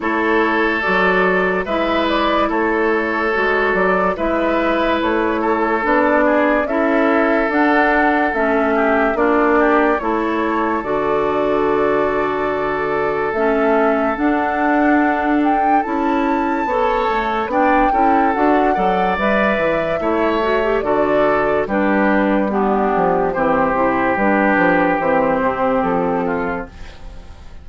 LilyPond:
<<
  \new Staff \with { instrumentName = "flute" } { \time 4/4 \tempo 4 = 72 cis''4 d''4 e''8 d''8 cis''4~ | cis''8 d''8 e''4 cis''4 d''4 | e''4 fis''4 e''4 d''4 | cis''4 d''2. |
e''4 fis''4. g''8 a''4~ | a''4 g''4 fis''4 e''4~ | e''4 d''4 b'4 g'4 | c''4 b'4 c''4 a'4 | }
  \new Staff \with { instrumentName = "oboe" } { \time 4/4 a'2 b'4 a'4~ | a'4 b'4. a'4 gis'8 | a'2~ a'8 g'8 f'8 g'8 | a'1~ |
a'1 | cis''4 d''8 a'4 d''4. | cis''4 a'4 g'4 d'4 | g'2.~ g'8 f'8 | }
  \new Staff \with { instrumentName = "clarinet" } { \time 4/4 e'4 fis'4 e'2 | fis'4 e'2 d'4 | e'4 d'4 cis'4 d'4 | e'4 fis'2. |
cis'4 d'2 e'4 | a'4 d'8 e'8 fis'8 a'8 b'4 | e'8 fis'16 g'16 fis'4 d'4 b4 | c'8 e'8 d'4 c'2 | }
  \new Staff \with { instrumentName = "bassoon" } { \time 4/4 a4 fis4 gis4 a4 | gis8 fis8 gis4 a4 b4 | cis'4 d'4 a4 ais4 | a4 d2. |
a4 d'2 cis'4 | b8 a8 b8 cis'8 d'8 fis8 g8 e8 | a4 d4 g4. f8 | e8 c8 g8 f8 e8 c8 f4 | }
>>